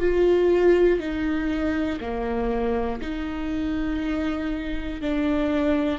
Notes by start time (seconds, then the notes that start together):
0.00 F4
1.00 D#4
2.00 A#3
3.01 D#4
5.01 D4